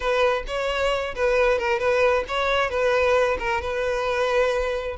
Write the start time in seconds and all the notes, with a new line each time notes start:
0.00 B4
0.47 C#5
1.15 B4
1.58 A#4
1.79 B4
2.28 C#5
2.70 B4
3.39 A#4
3.61 B4